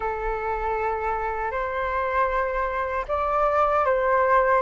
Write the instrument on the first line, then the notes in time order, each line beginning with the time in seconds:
flute
0.00 A4
1.51 C5
3.08 D5
3.85 C5